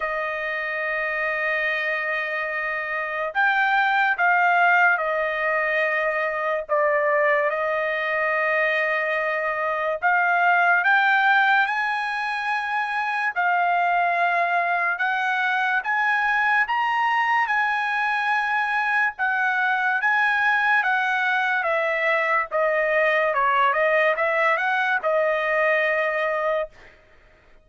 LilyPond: \new Staff \with { instrumentName = "trumpet" } { \time 4/4 \tempo 4 = 72 dis''1 | g''4 f''4 dis''2 | d''4 dis''2. | f''4 g''4 gis''2 |
f''2 fis''4 gis''4 | ais''4 gis''2 fis''4 | gis''4 fis''4 e''4 dis''4 | cis''8 dis''8 e''8 fis''8 dis''2 | }